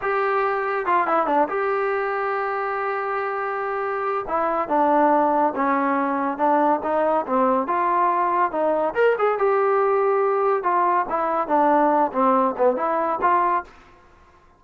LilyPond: \new Staff \with { instrumentName = "trombone" } { \time 4/4 \tempo 4 = 141 g'2 f'8 e'8 d'8 g'8~ | g'1~ | g'2 e'4 d'4~ | d'4 cis'2 d'4 |
dis'4 c'4 f'2 | dis'4 ais'8 gis'8 g'2~ | g'4 f'4 e'4 d'4~ | d'8 c'4 b8 e'4 f'4 | }